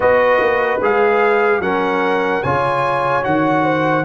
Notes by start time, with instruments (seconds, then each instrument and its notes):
0.00 tuba B3, trombone F#4, horn B4, trumpet D#5
0.40 tuba A#3
0.81 tuba G#3, trombone G#4, trumpet F5
1.60 tuba F#3, trombone C#4, horn A#4, trumpet F#5
2.42 tuba C#3, trombone F4, horn C#5, trumpet G#5
3.23 tuba D#3, trombone F#4, trumpet F#5
3.64 horn C5